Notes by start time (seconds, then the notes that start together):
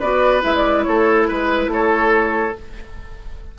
0.00 B3 F#4 B4 D5
0.41 G#3 E4 E5
0.56 D5
0.83 A3 A4 C#5
1.29 G#3 B4
1.68 A3 A4 C#5